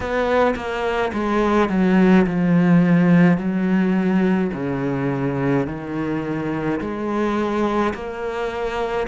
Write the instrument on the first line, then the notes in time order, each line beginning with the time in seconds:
cello
0.00 B3
0.55 A#3
1.13 G#3
1.69 F#3
2.26 F3
3.37 F#3
4.53 C#3
5.67 D#3
6.80 G#3
7.93 A#3